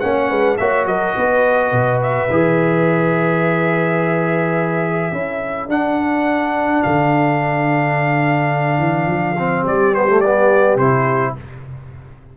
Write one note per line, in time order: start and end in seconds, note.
0.00 0.31 A#3
0.00 0.58 C#4
0.00 0.30 C#5
0.00 0.57 F#5
0.30 0.59 G#3
0.30 0.58 B4
0.57 0.86 A#3
0.57 2.30 F#4
0.57 0.88 C#5
0.57 0.86 E5
0.86 1.14 F#3
0.86 1.16 A#4
0.86 2.00 D#5
1.17 1.72 B3
1.17 5.11 B4
1.72 2.29 B2
2.03 5.70 E5
2.30 5.12 E3
2.30 5.12 G#4
5.11 5.68 C#4
5.11 5.69 E4
5.11 9.63 A4
5.68 6.81 D4
5.68 9.37 D4
5.68 6.83 F#5
6.83 8.79 D3
6.83 9.66 F5
8.79 9.06 E3
9.06 9.63 F3
9.39 9.94 C4
9.63 10.76 G3
9.63 11.33 G4
9.63 9.94 D5
9.94 10.08 B3
9.94 10.21 C5
10.09 10.23 A3
10.21 10.80 B3
10.21 10.77 D5
10.76 11.33 C3
10.76 11.37 E4
10.76 11.35 C5